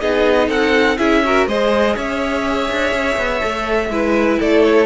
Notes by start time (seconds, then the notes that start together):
0.00 B3 D#4 G#4 D#5
0.47 C4 A4 F#5
0.97 C#4 E4 G#4 E5
1.24 F#4 A#4
1.46 G#3 G#4 C5 D#5
1.95 C#4 C#5 E5
2.71 D4
2.92 C#4
3.17 B3
3.40 A3 A4
3.88 G#3 E4 B4
4.39 A3 A4 D5
4.63 C#5